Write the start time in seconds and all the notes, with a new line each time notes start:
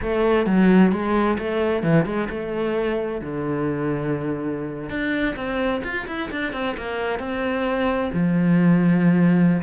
0.01 A3
0.46 F#3
0.92 G#3
1.38 A3
1.82 E3
2.05 G#3
2.29 A3
3.21 D3
4.89 D4
5.35 C4
5.83 F4
6.07 E4
6.31 D4
6.53 C4
6.77 A#3
7.19 C4
8.13 F3